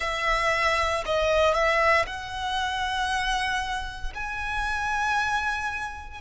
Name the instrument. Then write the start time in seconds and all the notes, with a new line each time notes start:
violin
0.00 E5
1.05 D#5
1.54 E5
2.06 F#5
4.14 G#5